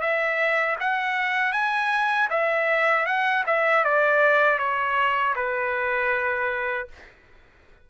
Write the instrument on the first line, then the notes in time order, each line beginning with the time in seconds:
trumpet
0.00 E5
0.80 F#5
1.52 G#5
2.30 E5
3.06 F#5
3.46 E5
3.84 D5
4.58 C#5
5.35 B4